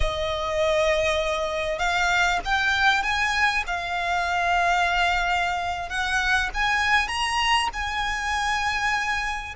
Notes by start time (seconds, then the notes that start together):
0.00 D#5
1.79 F5
2.44 G5
3.02 G#5
3.66 F5
5.89 F#5
6.53 G#5
7.08 A#5
7.73 G#5